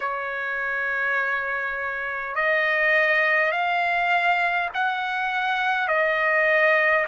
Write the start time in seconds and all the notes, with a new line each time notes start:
0.00 C#5
2.35 D#5
3.51 F5
4.74 F#5
5.88 D#5